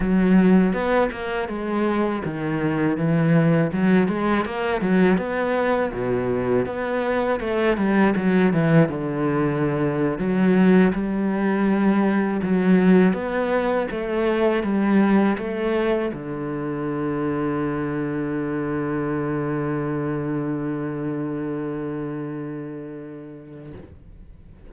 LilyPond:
\new Staff \with { instrumentName = "cello" } { \time 4/4 \tempo 4 = 81 fis4 b8 ais8 gis4 dis4 | e4 fis8 gis8 ais8 fis8 b4 | b,4 b4 a8 g8 fis8 e8 | d4.~ d16 fis4 g4~ g16~ |
g8. fis4 b4 a4 g16~ | g8. a4 d2~ d16~ | d1~ | d1 | }